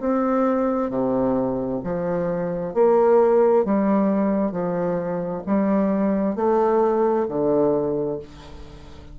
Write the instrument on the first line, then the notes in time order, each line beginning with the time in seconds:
bassoon
0.00 C4
0.90 C3
1.84 F3
2.74 A#3
3.65 G3
4.52 F3
5.47 G3
6.36 A3
7.29 D3